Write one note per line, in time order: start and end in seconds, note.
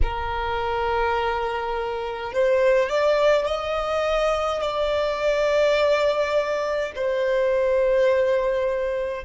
0.02 2.32 A#4
2.32 2.88 C5
2.88 3.46 D5
3.46 4.61 D#5
4.62 6.92 D5
6.95 9.24 C5